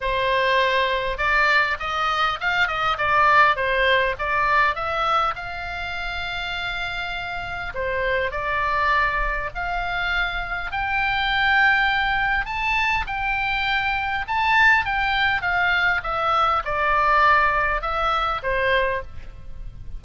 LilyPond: \new Staff \with { instrumentName = "oboe" } { \time 4/4 \tempo 4 = 101 c''2 d''4 dis''4 | f''8 dis''8 d''4 c''4 d''4 | e''4 f''2.~ | f''4 c''4 d''2 |
f''2 g''2~ | g''4 a''4 g''2 | a''4 g''4 f''4 e''4 | d''2 e''4 c''4 | }